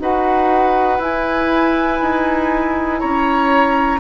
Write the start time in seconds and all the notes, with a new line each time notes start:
0.00 D#4 F#4 B4 F#5
0.99 E4 G#5
2.02 D#4
3.00 C#4 C#5 A#5